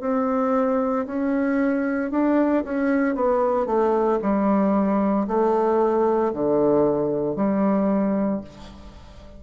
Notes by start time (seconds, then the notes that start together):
0.00 C4
1.06 C#4
2.11 D4
2.64 C#4
3.15 B3
3.66 A3
4.22 G3
5.27 A3
6.33 D3
7.35 G3